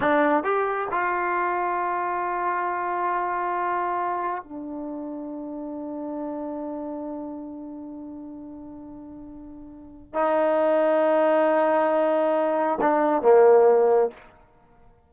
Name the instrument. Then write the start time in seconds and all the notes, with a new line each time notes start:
trombone
0.00 D4
0.43 G4
0.91 F4
4.43 D4
10.14 D#4
12.80 D4
13.21 A#3